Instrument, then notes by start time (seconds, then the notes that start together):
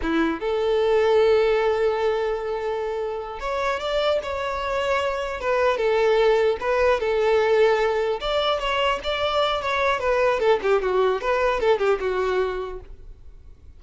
violin
0.01 E4
0.39 A4
3.39 C#5
3.79 D5
4.22 C#5
5.40 B4
5.77 A4
6.60 B4
6.99 A4
8.20 D5
8.59 C#5
9.03 D5
9.61 C#5
9.99 B4
10.39 A4
10.62 G4
10.81 F#4
11.21 B4
11.60 A4
11.79 G4
12.00 F#4